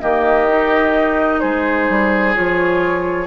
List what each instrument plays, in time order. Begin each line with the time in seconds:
0.00 bassoon D#3, clarinet A#3, oboe G4, flute D#5
0.47 clarinet D#4
1.40 bassoon G#3, oboe G#4, flute C5
1.89 bassoon G3
2.34 bassoon F3, clarinet F4, flute C#5